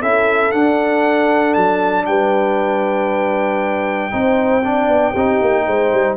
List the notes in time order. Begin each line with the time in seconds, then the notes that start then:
0.00 C#4 E4 A4 E5
0.51 D4 F#5
1.53 F#3 A5
2.06 G3 B4 G5
4.11 C4 D#4 C5
4.64 D4 D5
4.87 B3
5.11 C4 D#4 G4
5.41 A#3
5.66 G#3 C5
5.93 G3